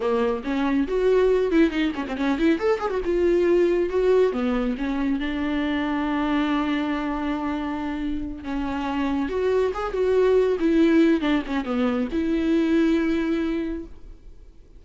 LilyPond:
\new Staff \with { instrumentName = "viola" } { \time 4/4 \tempo 4 = 139 ais4 cis'4 fis'4. e'8 | dis'8 cis'16 c'16 cis'8 e'8 a'8 gis'16 fis'16 f'4~ | f'4 fis'4 b4 cis'4 | d'1~ |
d'2.~ d'8 cis'8~ | cis'4. fis'4 gis'8 fis'4~ | fis'8 e'4. d'8 cis'8 b4 | e'1 | }